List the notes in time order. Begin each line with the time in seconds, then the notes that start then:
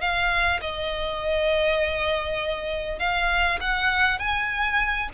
0.00 F5
0.61 D#5
2.99 F5
3.60 F#5
4.19 G#5